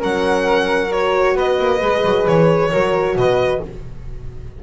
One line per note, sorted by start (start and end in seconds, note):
0.00 1.36 F#3
0.00 0.89 C#4
0.00 1.35 A#4
0.00 0.93 F#5
0.89 1.80 F#4
0.89 1.38 C#5
1.35 1.58 B3
1.35 2.71 B4
1.35 2.27 D#5
1.59 1.81 A#3
1.82 2.05 G#3
1.82 2.72 G#4
2.05 2.27 F#3
2.27 2.73 E3
2.27 3.18 C#5
2.72 3.16 F#3
2.72 3.62 F#4
2.72 3.17 A#4
3.16 3.61 B2
3.16 3.64 B4
3.16 3.63 D#5